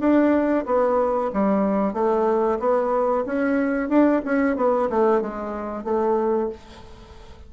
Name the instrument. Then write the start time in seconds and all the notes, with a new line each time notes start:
bassoon
0.00 D4
0.66 B3
1.33 G3
1.94 A3
2.59 B3
3.26 C#4
3.89 D4
4.25 C#4
4.57 B3
4.90 A3
5.21 G#3
5.84 A3